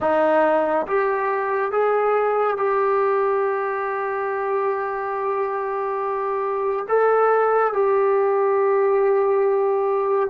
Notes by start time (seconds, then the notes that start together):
0.00 D#4
0.86 G4
1.71 G#4
2.57 G4
6.88 A4
7.73 G4